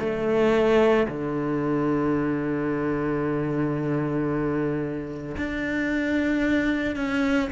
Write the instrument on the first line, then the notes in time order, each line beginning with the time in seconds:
cello
0.00 A3
1.08 D3
5.38 D4
6.96 C#4